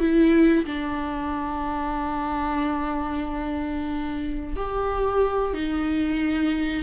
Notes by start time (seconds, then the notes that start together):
0.00 E4
0.66 D4
4.57 G4
5.54 D#4